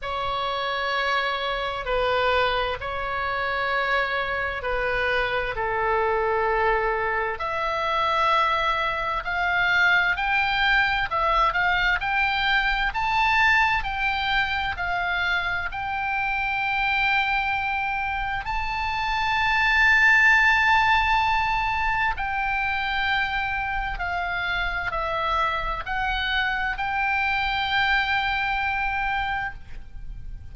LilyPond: \new Staff \with { instrumentName = "oboe" } { \time 4/4 \tempo 4 = 65 cis''2 b'4 cis''4~ | cis''4 b'4 a'2 | e''2 f''4 g''4 | e''8 f''8 g''4 a''4 g''4 |
f''4 g''2. | a''1 | g''2 f''4 e''4 | fis''4 g''2. | }